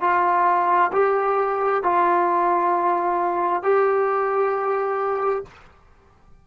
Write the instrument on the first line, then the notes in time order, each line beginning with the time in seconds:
trombone
0.00 F4
0.93 G4
1.83 F4
3.63 G4